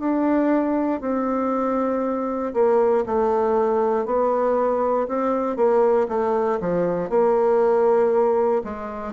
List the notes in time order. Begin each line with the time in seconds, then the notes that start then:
0.00 D4
1.01 C4
2.54 A#3
3.06 A3
4.06 B3
5.08 C4
5.57 A#3
6.09 A3
6.61 F3
7.10 A#3
8.64 G#3